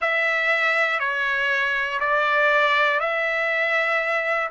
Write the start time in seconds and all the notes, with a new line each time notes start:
0.01 E5
1.00 C#5
2.00 D5
3.00 E5